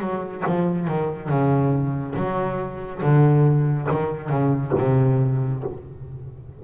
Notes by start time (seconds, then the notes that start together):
0.00 F#3
0.46 F3
0.87 D#3
1.29 C#3
2.16 F#3
3.02 D3
3.90 D#3
4.29 C#3
4.78 C3